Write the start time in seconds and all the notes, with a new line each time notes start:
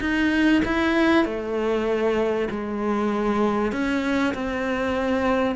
0.00 D#4
0.65 E4
1.25 A3
2.50 G#3
3.72 C#4
4.34 C4